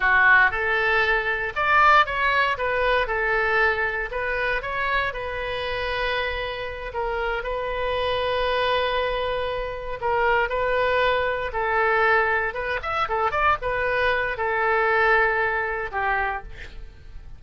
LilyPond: \new Staff \with { instrumentName = "oboe" } { \time 4/4 \tempo 4 = 117 fis'4 a'2 d''4 | cis''4 b'4 a'2 | b'4 cis''4 b'2~ | b'4. ais'4 b'4.~ |
b'2.~ b'8 ais'8~ | ais'8 b'2 a'4.~ | a'8 b'8 e''8 a'8 d''8 b'4. | a'2. g'4 | }